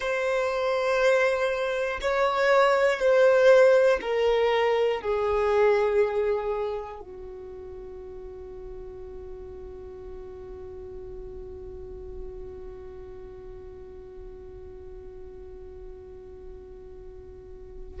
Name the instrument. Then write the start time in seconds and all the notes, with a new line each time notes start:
violin
0.00 C5
2.00 C#5
3.00 C5
4.01 A#4
5.00 G#4
7.00 F#4